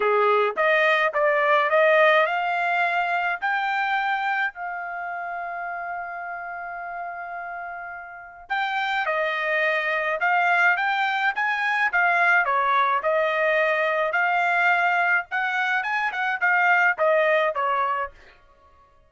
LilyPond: \new Staff \with { instrumentName = "trumpet" } { \time 4/4 \tempo 4 = 106 gis'4 dis''4 d''4 dis''4 | f''2 g''2 | f''1~ | f''2. g''4 |
dis''2 f''4 g''4 | gis''4 f''4 cis''4 dis''4~ | dis''4 f''2 fis''4 | gis''8 fis''8 f''4 dis''4 cis''4 | }